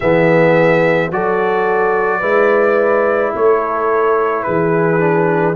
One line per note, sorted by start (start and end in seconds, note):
0.00 1.10 E3
0.00 1.12 B3
0.00 1.11 G#4
0.00 1.10 E5
1.10 2.21 F#3
1.10 2.22 F#4
1.10 2.19 A4
1.10 3.34 D5
2.19 3.32 G#3
2.19 4.98 E4
2.19 3.30 B4
3.34 4.45 A3
3.34 4.45 A4
3.34 4.43 C#5
4.43 5.55 E3
4.43 5.55 G#4
4.43 5.54 B4
4.98 5.54 D4